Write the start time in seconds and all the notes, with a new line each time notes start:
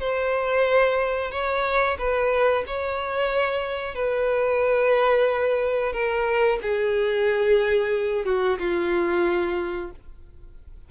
0.00 C5
1.32 C#5
1.98 B4
2.67 C#5
3.95 B4
5.93 A#4
6.62 G#4
8.26 F#4
8.59 F4